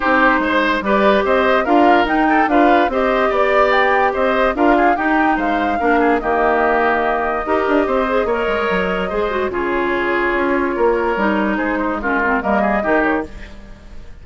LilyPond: <<
  \new Staff \with { instrumentName = "flute" } { \time 4/4 \tempo 4 = 145 c''2 d''4 dis''4 | f''4 g''4 f''4 dis''4 | d''4 g''4 dis''4 f''4 | g''4 f''2 dis''4~ |
dis''1~ | dis''2. cis''4~ | cis''1 | c''4 ais'4 dis''4. cis''8 | }
  \new Staff \with { instrumentName = "oboe" } { \time 4/4 g'4 c''4 b'4 c''4 | ais'4. a'8 b'4 c''4 | d''2 c''4 ais'8 gis'8 | g'4 c''4 ais'8 gis'8 g'4~ |
g'2 ais'4 c''4 | cis''2 c''4 gis'4~ | gis'2 ais'2 | gis'8 dis'8 f'4 ais'8 gis'8 g'4 | }
  \new Staff \with { instrumentName = "clarinet" } { \time 4/4 dis'2 g'2 | f'4 dis'4 f'4 g'4~ | g'2. f'4 | dis'2 d'4 ais4~ |
ais2 g'4. gis'8 | ais'2 gis'8 fis'8 f'4~ | f'2. dis'4~ | dis'4 cis'8 c'8 ais4 dis'4 | }
  \new Staff \with { instrumentName = "bassoon" } { \time 4/4 c'4 gis4 g4 c'4 | d'4 dis'4 d'4 c'4 | b2 c'4 d'4 | dis'4 gis4 ais4 dis4~ |
dis2 dis'8 d'8 c'4 | ais8 gis8 fis4 gis4 cis4~ | cis4 cis'4 ais4 g4 | gis2 g4 dis4 | }
>>